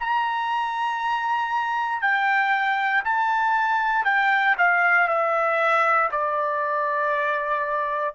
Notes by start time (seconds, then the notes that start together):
0.00 A#5
2.02 G5
3.04 A5
4.05 G5
4.58 F5
5.08 E5
6.11 D5